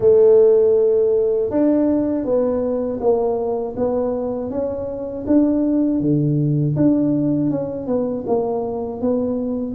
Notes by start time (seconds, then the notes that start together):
0.00 A3
1.50 D4
2.24 B3
3.00 A#3
3.76 B3
4.50 C#4
5.27 D4
6.00 D3
6.76 D4
7.50 C#4
7.86 B3
8.26 A#3
9.01 B3